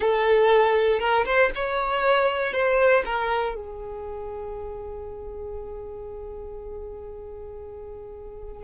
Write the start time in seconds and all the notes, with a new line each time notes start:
0.00 A4
0.99 A#4
1.25 C5
1.55 C#5
2.53 C5
3.05 A#4
3.55 G#4